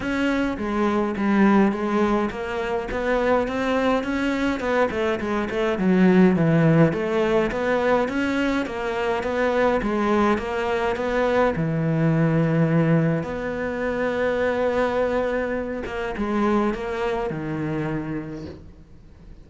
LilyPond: \new Staff \with { instrumentName = "cello" } { \time 4/4 \tempo 4 = 104 cis'4 gis4 g4 gis4 | ais4 b4 c'4 cis'4 | b8 a8 gis8 a8 fis4 e4 | a4 b4 cis'4 ais4 |
b4 gis4 ais4 b4 | e2. b4~ | b2.~ b8 ais8 | gis4 ais4 dis2 | }